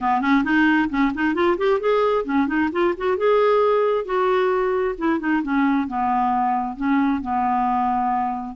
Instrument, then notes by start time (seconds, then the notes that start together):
clarinet
0.00 B3
0.21 C#4
0.44 D#4
0.89 C#4
1.14 D#4
1.34 F4
1.57 G4
1.80 G#4
2.24 C#4
2.47 D#4
2.71 F4
2.97 F#4
3.17 G#4
4.05 F#4
4.97 E4
5.19 D#4
5.42 C#4
5.87 B3
6.76 C#4
7.21 B3